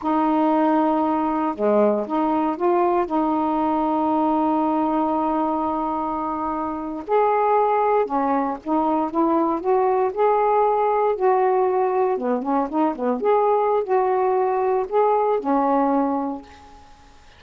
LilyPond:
\new Staff \with { instrumentName = "saxophone" } { \time 4/4 \tempo 4 = 117 dis'2. gis4 | dis'4 f'4 dis'2~ | dis'1~ | dis'4.~ dis'16 gis'2 cis'16~ |
cis'8. dis'4 e'4 fis'4 gis'16~ | gis'4.~ gis'16 fis'2 b16~ | b16 cis'8 dis'8 b8 gis'4~ gis'16 fis'4~ | fis'4 gis'4 cis'2 | }